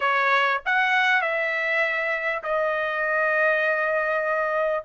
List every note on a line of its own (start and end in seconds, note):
0.00 0.61 C#5
0.65 1.21 F#5
1.21 2.42 E5
2.43 4.84 D#5